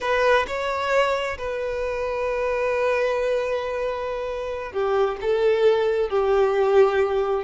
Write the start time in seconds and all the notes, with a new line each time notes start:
0.00 B4
0.47 C#5
1.37 B4
4.72 G4
5.21 A4
6.09 G4